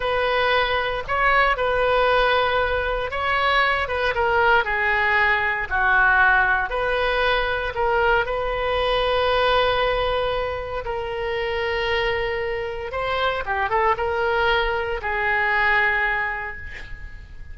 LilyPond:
\new Staff \with { instrumentName = "oboe" } { \time 4/4 \tempo 4 = 116 b'2 cis''4 b'4~ | b'2 cis''4. b'8 | ais'4 gis'2 fis'4~ | fis'4 b'2 ais'4 |
b'1~ | b'4 ais'2.~ | ais'4 c''4 g'8 a'8 ais'4~ | ais'4 gis'2. | }